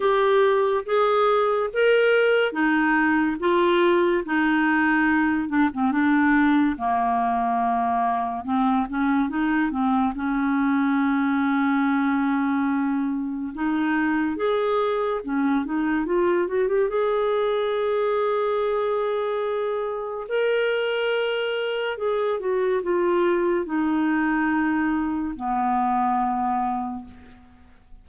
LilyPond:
\new Staff \with { instrumentName = "clarinet" } { \time 4/4 \tempo 4 = 71 g'4 gis'4 ais'4 dis'4 | f'4 dis'4. d'16 c'16 d'4 | ais2 c'8 cis'8 dis'8 c'8 | cis'1 |
dis'4 gis'4 cis'8 dis'8 f'8 fis'16 g'16 | gis'1 | ais'2 gis'8 fis'8 f'4 | dis'2 b2 | }